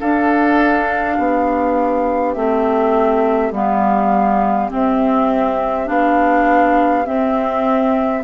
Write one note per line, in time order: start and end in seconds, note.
0.00 2.35 D4
0.00 1.18 D4
0.00 1.16 A4
0.00 2.34 F5
1.16 2.35 B3
1.16 8.22 G4
2.34 3.51 A3
2.34 3.53 C4
2.34 3.52 E5
3.51 4.69 G3
3.51 4.70 B3
3.51 4.71 F5
4.70 5.86 C4
4.70 5.88 C4
4.70 5.88 E5
5.86 7.06 B3
5.86 7.04 D4
5.86 7.06 F5
7.06 8.23 C4
7.06 8.23 E5